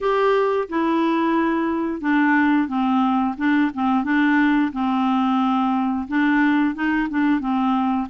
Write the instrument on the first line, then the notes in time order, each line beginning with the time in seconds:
clarinet
0.00 G4
0.69 E4
2.00 D4
2.68 C4
3.37 D4
3.74 C4
4.04 D4
4.72 C4
6.08 D4
6.74 D#4
7.09 D4
7.40 C4